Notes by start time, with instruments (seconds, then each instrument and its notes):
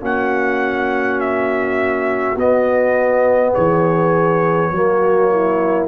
0.00 tuba A#3, trombone C#4, horn F#4, trumpet F#5
1.20 trumpet E5
2.35 tuba B3, trombone B3, trumpet D#5
3.52 tuba E3, horn G#4, trumpet C#5
4.71 tuba F#3, trombone A#3, horn F#4
5.31 horn E4